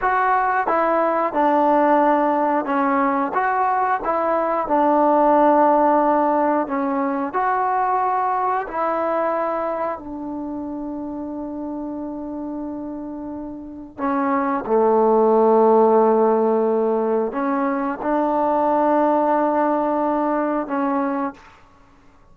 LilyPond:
\new Staff \with { instrumentName = "trombone" } { \time 4/4 \tempo 4 = 90 fis'4 e'4 d'2 | cis'4 fis'4 e'4 d'4~ | d'2 cis'4 fis'4~ | fis'4 e'2 d'4~ |
d'1~ | d'4 cis'4 a2~ | a2 cis'4 d'4~ | d'2. cis'4 | }